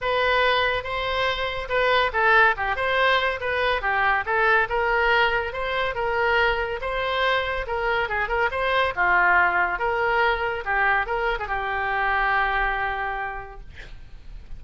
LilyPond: \new Staff \with { instrumentName = "oboe" } { \time 4/4 \tempo 4 = 141 b'2 c''2 | b'4 a'4 g'8 c''4. | b'4 g'4 a'4 ais'4~ | ais'4 c''4 ais'2 |
c''2 ais'4 gis'8 ais'8 | c''4 f'2 ais'4~ | ais'4 g'4 ais'8. gis'16 g'4~ | g'1 | }